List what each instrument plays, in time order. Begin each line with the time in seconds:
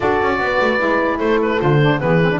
0.00 double bass D4, saxophone F#4, horn A4, oboe D5
0.21 double bass C#4
0.38 double bass B3, horn B4
0.61 double bass A3
0.78 double bass G#3, saxophone E4
1.17 double bass A3, horn A4, oboe C5
1.42 oboe B4
1.58 double bass D3, saxophone F4, oboe C5
1.82 saxophone D4
2.00 double bass E3, saxophone B3, horn G#4, oboe B4
2.23 saxophone C4
2.30 saxophone D4